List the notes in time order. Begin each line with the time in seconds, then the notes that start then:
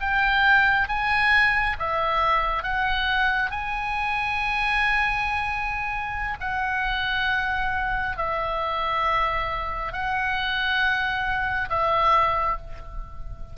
0.00 G5
0.88 G#5
1.79 E5
2.63 F#5
3.51 G#5
6.41 F#5
8.17 E5
9.92 F#5
11.69 E5